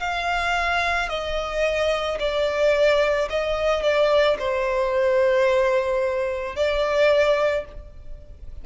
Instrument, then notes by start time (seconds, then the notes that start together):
violin
0.00 F5
1.10 D#5
2.20 D5
3.30 D#5
3.83 D5
4.39 C5
6.56 D5